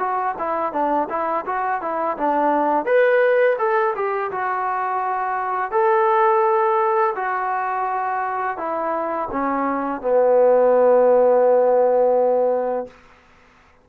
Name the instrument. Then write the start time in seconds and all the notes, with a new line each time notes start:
trombone
0.00 F#4
0.39 E4
0.73 D4
1.10 E4
1.46 F#4
1.82 E4
2.18 D4
2.86 B4
3.59 A4
3.96 G4
4.32 F#4
5.72 A4
7.16 F#4
8.58 E4
9.32 C#4
10.02 B3